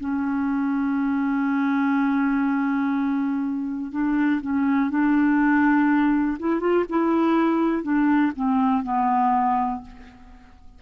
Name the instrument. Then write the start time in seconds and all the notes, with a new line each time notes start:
clarinet
0.00 C#4
3.92 D4
4.42 C#4
4.90 D4
6.40 E4
6.60 F4
6.89 E4
7.83 D4
8.36 C4
8.83 B3